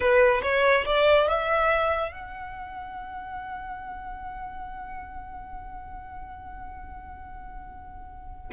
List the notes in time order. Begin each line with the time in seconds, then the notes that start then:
0.00 B4
0.42 C#5
0.85 D5
1.27 E5
2.12 F#5